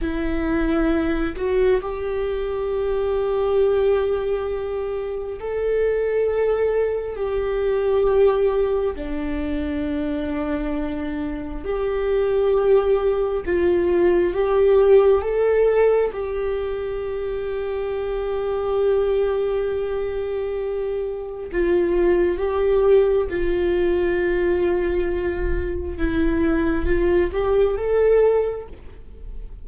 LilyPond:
\new Staff \with { instrumentName = "viola" } { \time 4/4 \tempo 4 = 67 e'4. fis'8 g'2~ | g'2 a'2 | g'2 d'2~ | d'4 g'2 f'4 |
g'4 a'4 g'2~ | g'1 | f'4 g'4 f'2~ | f'4 e'4 f'8 g'8 a'4 | }